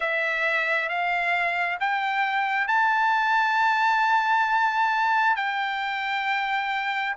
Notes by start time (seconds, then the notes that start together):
0.00 E5
0.88 F5
1.80 G5
2.67 A5
5.36 G5